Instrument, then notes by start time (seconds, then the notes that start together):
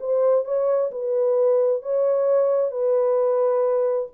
horn
0.00 C5
0.45 C#5
0.91 B4
1.83 C#5
2.71 B4